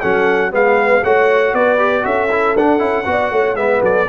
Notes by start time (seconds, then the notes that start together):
0.00 F#3 C#4 A4 F#5
0.51 G#3 B3 B4 F5
1.03 A3 F#4 C#5 F#5
1.53 B3 B4 D5
1.78 G4
2.02 C#4 F#4 A4 E5
2.31 E4
2.55 D4 F#5
2.78 C#4 E4
3.05 B3 F#4 D5
3.31 A3 C#5
3.55 G#3 B3 B4 E5
3.82 F#3 A4 D5